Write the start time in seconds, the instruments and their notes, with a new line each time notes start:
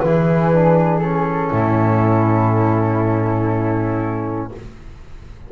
0.00 double bass E3, trombone E4, flute G#4 B4
0.53 trombone D4
0.99 trombone C#4, flute A4
1.51 double bass A2, flute E4